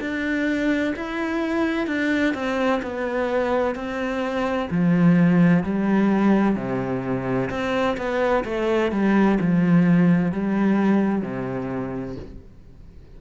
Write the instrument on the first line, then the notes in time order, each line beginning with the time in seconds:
cello
0.00 D4
0.96 E4
1.87 D4
2.34 C4
2.82 B3
3.75 C4
4.70 F3
5.63 G3
6.56 C3
7.50 C4
7.97 B3
8.45 A3
8.91 G3
9.40 F3
10.32 G3
11.22 C3